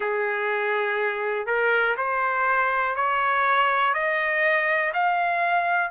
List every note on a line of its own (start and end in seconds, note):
0.00 1.46 G#4
1.46 1.95 A#4
1.97 2.95 C5
2.95 3.93 C#5
3.93 4.92 D#5
4.93 5.91 F5